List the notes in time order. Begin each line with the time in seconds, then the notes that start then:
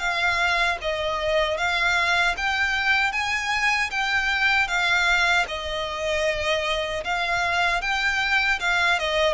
0.00 F5
0.82 D#5
1.58 F5
2.37 G5
3.13 G#5
3.91 G5
4.68 F5
5.48 D#5
7.05 F5
7.82 G5
8.60 F5
8.99 D#5